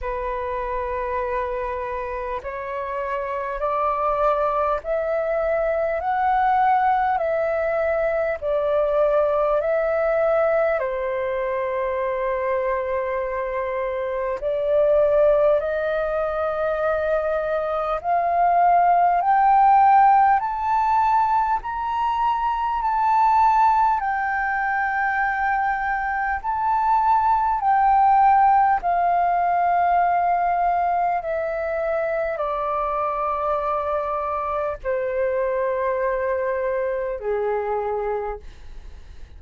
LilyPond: \new Staff \with { instrumentName = "flute" } { \time 4/4 \tempo 4 = 50 b'2 cis''4 d''4 | e''4 fis''4 e''4 d''4 | e''4 c''2. | d''4 dis''2 f''4 |
g''4 a''4 ais''4 a''4 | g''2 a''4 g''4 | f''2 e''4 d''4~ | d''4 c''2 gis'4 | }